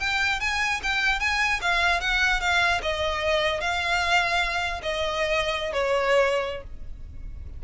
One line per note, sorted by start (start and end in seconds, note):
0.00 0.40 G5
0.40 0.81 G#5
0.83 1.20 G5
1.20 1.60 G#5
1.61 2.01 F5
2.01 2.41 F#5
2.41 2.81 F5
2.82 3.61 D#5
3.61 4.82 F5
4.83 5.73 D#5
5.73 6.63 C#5